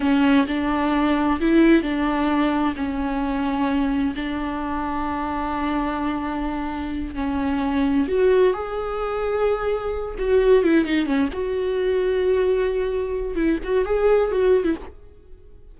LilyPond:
\new Staff \with { instrumentName = "viola" } { \time 4/4 \tempo 4 = 130 cis'4 d'2 e'4 | d'2 cis'2~ | cis'4 d'2.~ | d'2.~ d'8 cis'8~ |
cis'4. fis'4 gis'4.~ | gis'2 fis'4 e'8 dis'8 | cis'8 fis'2.~ fis'8~ | fis'4 e'8 fis'8 gis'4 fis'8. e'16 | }